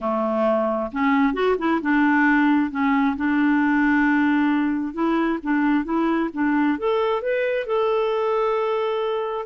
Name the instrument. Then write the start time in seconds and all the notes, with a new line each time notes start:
clarinet
0.01 A3
0.91 C#4
1.33 F#4
1.58 E4
1.81 D4
2.70 C#4
3.16 D4
4.93 E4
5.42 D4
5.84 E4
6.33 D4
6.78 A4
7.21 B4
7.66 A4